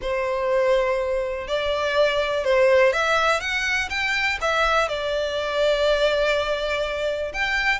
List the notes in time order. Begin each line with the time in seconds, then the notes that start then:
0.01 C5
1.47 D5
2.44 C5
2.92 E5
3.40 F#5
3.89 G5
4.41 E5
4.88 D5
7.33 G5